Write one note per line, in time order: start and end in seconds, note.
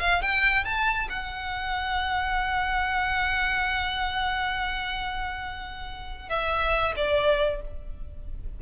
0.00 0.22 F5
0.22 0.65 G5
0.65 1.08 A5
1.09 6.29 F#5
6.29 6.94 E5
6.96 7.61 D5